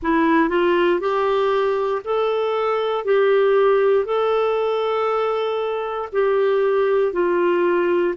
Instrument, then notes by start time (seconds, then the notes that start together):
clarinet
0.02 E4
0.49 F4
1.00 G4
2.04 A4
3.05 G4
4.05 A4
6.12 G4
7.12 F4